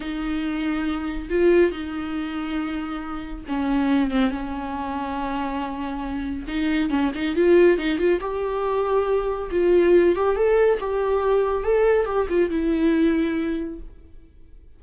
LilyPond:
\new Staff \with { instrumentName = "viola" } { \time 4/4 \tempo 4 = 139 dis'2. f'4 | dis'1 | cis'4. c'8 cis'2~ | cis'2. dis'4 |
cis'8 dis'8 f'4 dis'8 f'8 g'4~ | g'2 f'4. g'8 | a'4 g'2 a'4 | g'8 f'8 e'2. | }